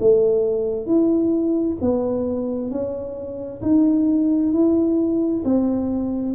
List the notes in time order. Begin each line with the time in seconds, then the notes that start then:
0.00 A3
0.86 E4
1.81 B3
2.71 C#4
3.62 D#4
4.53 E4
5.45 C4